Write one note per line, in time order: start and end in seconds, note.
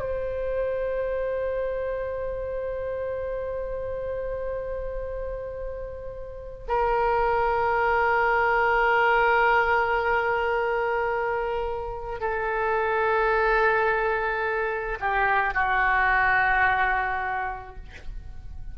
0.00 6.67 C5
6.68 12.20 A#4
12.20 14.98 A4
15.00 15.54 G4
15.54 17.76 F#4